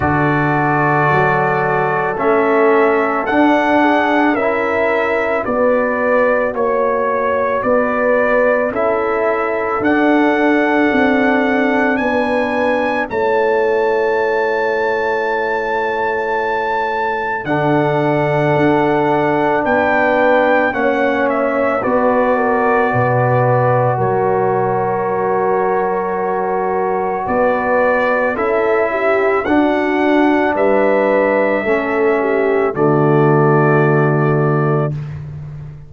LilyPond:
<<
  \new Staff \with { instrumentName = "trumpet" } { \time 4/4 \tempo 4 = 55 d''2 e''4 fis''4 | e''4 d''4 cis''4 d''4 | e''4 fis''2 gis''4 | a''1 |
fis''2 g''4 fis''8 e''8 | d''2 cis''2~ | cis''4 d''4 e''4 fis''4 | e''2 d''2 | }
  \new Staff \with { instrumentName = "horn" } { \time 4/4 a'2.~ a'8 gis'8 | ais'4 b'4 cis''4 b'4 | a'2. b'4 | cis''1 |
a'2 b'4 cis''4 | b'8 ais'8 b'4 ais'2~ | ais'4 b'4 a'8 g'8 fis'4 | b'4 a'8 g'8 fis'2 | }
  \new Staff \with { instrumentName = "trombone" } { \time 4/4 fis'2 cis'4 d'4 | e'4 fis'2. | e'4 d'2. | e'1 |
d'2. cis'4 | fis'1~ | fis'2 e'4 d'4~ | d'4 cis'4 a2 | }
  \new Staff \with { instrumentName = "tuba" } { \time 4/4 d4 fis4 a4 d'4 | cis'4 b4 ais4 b4 | cis'4 d'4 c'4 b4 | a1 |
d4 d'4 b4 ais4 | b4 b,4 fis2~ | fis4 b4 cis'4 d'4 | g4 a4 d2 | }
>>